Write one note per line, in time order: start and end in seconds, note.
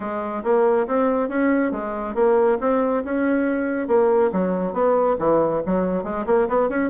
0.00 0.43 G#3
0.43 0.86 A#3
0.87 1.28 C4
1.28 1.71 C#4
1.71 2.14 G#3
2.15 2.58 A#3
2.60 3.03 C4
3.04 3.87 C#4
3.87 4.30 A#3
4.32 4.73 F#3
4.73 5.16 B3
5.18 5.62 E3
5.66 6.03 F#3
6.03 6.25 G#3
6.26 6.47 A#3
6.48 6.69 B3
6.69 6.90 C#4